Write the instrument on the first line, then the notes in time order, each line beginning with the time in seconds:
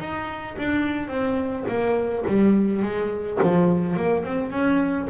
double bass
0.00 D#4
0.59 D4
1.09 C4
1.69 A#3
2.28 G3
2.83 G#3
3.43 F3
3.97 A#3
4.25 C4
4.52 C#4